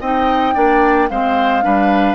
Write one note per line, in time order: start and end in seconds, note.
0.00 0.55 C4
0.00 0.54 D#4
0.00 0.54 D#5
0.00 1.09 G5
0.54 1.10 A#3
0.54 1.09 D4
0.54 1.09 D5
1.09 1.64 G#3
1.09 1.62 C4
1.09 1.64 C5
1.09 2.14 F5
1.62 2.14 G3
1.62 2.14 D4
1.62 2.14 B4